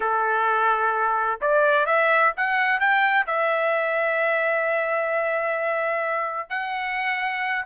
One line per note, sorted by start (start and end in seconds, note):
0.00 1.40 A4
1.41 1.86 D5
1.86 2.32 E5
2.36 2.80 F#5
2.80 3.26 G5
3.26 6.49 E5
6.49 7.65 F#5